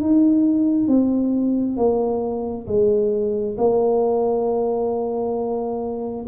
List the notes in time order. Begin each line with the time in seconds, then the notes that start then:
0.00 D#4
0.88 C4
1.77 A#3
2.67 G#3
3.57 A#3